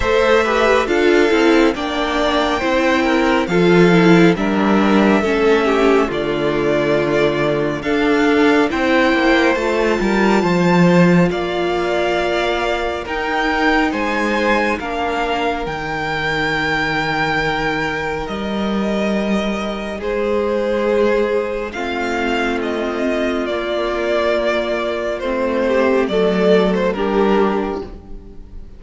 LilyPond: <<
  \new Staff \with { instrumentName = "violin" } { \time 4/4 \tempo 4 = 69 e''4 f''4 g''2 | f''4 e''2 d''4~ | d''4 f''4 g''4 a''4~ | a''4 f''2 g''4 |
gis''4 f''4 g''2~ | g''4 dis''2 c''4~ | c''4 f''4 dis''4 d''4~ | d''4 c''4 d''8. c''16 ais'4 | }
  \new Staff \with { instrumentName = "violin" } { \time 4/4 c''8 b'8 a'4 d''4 c''8 ais'8 | a'4 ais'4 a'8 g'8 f'4~ | f'4 a'4 c''4. ais'8 | c''4 d''2 ais'4 |
c''4 ais'2.~ | ais'2. gis'4~ | gis'4 f'2.~ | f'4. g'8 a'4 g'4 | }
  \new Staff \with { instrumentName = "viola" } { \time 4/4 a'8 g'8 f'8 e'8 d'4 e'4 | f'8 e'8 d'4 cis'4 a4~ | a4 d'4 e'4 f'4~ | f'2. dis'4~ |
dis'4 d'4 dis'2~ | dis'1~ | dis'4 c'2 ais4~ | ais4 c'4 a4 d'4 | }
  \new Staff \with { instrumentName = "cello" } { \time 4/4 a4 d'8 c'8 ais4 c'4 | f4 g4 a4 d4~ | d4 d'4 c'8 ais8 a8 g8 | f4 ais2 dis'4 |
gis4 ais4 dis2~ | dis4 g2 gis4~ | gis4 a2 ais4~ | ais4 a4 fis4 g4 | }
>>